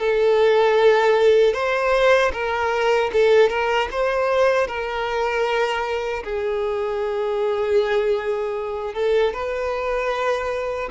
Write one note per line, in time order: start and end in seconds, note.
0.00 1.54 A4
1.54 2.32 C5
2.33 3.11 A#4
3.13 3.50 A4
3.50 3.89 A#4
3.92 4.68 C5
4.68 6.24 A#4
6.24 8.95 G#4
8.95 9.34 A4
9.34 10.89 B4